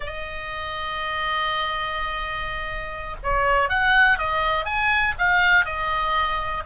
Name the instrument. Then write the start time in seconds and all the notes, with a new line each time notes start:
oboe
0.00 D#5
3.23 C#5
3.69 F#5
4.18 D#5
4.65 G#5
5.18 F5
5.65 D#5